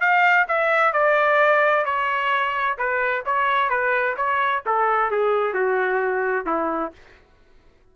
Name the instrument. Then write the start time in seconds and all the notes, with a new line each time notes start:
trumpet
0.00 F5
0.48 E5
0.93 D5
1.85 C#5
2.78 B4
3.25 C#5
3.70 B4
4.16 C#5
4.66 A4
5.10 G#4
5.54 F#4
6.46 E4